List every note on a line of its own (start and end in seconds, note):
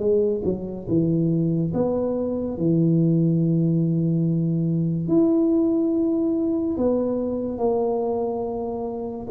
0.00 0.42 G#3
0.45 0.87 F#3
0.88 1.73 E3
1.74 2.58 B3
2.58 5.08 E3
5.08 6.77 E4
6.78 7.58 B3
7.58 9.27 A#3